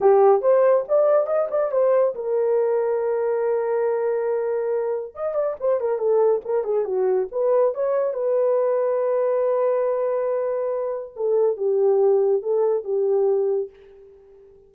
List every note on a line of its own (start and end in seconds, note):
0.00 0.41 G4
0.41 0.84 C5
0.88 1.26 D5
1.26 1.48 D#5
1.50 1.71 D5
1.71 2.14 C5
2.14 5.14 A#4
5.14 5.34 D#5
5.34 5.55 D5
5.59 5.80 C5
5.80 5.98 A#4
5.98 6.41 A4
6.44 6.64 A#4
6.64 6.85 G#4
6.85 7.27 F#4
7.31 7.74 B4
7.74 8.13 C#5
8.13 11.13 B4
11.15 11.56 A4
11.56 12.42 G4
12.42 12.84 A4
12.84 13.69 G4